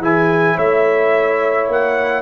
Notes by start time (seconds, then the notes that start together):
0.00 E3 E4 G#4 G#5
0.56 A3 C#5 E5
1.69 A#3 F#5